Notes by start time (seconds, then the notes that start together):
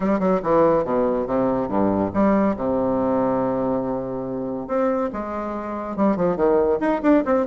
0.00 G3
0.19 F#3
0.43 E3
0.84 B2
1.27 C3
1.68 G2
2.13 G3
2.56 C3
4.67 C4
5.12 G#3
5.96 G3
6.16 F3
6.36 D#3
6.80 D#4
7.02 D4
7.25 C4